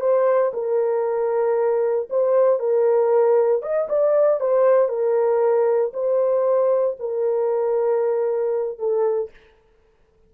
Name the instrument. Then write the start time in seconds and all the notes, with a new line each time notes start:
horn
0.00 C5
0.53 A#4
2.10 C5
2.60 A#4
3.62 D#5
3.89 D5
4.40 C5
4.89 A#4
5.93 C5
6.99 A#4
8.78 A4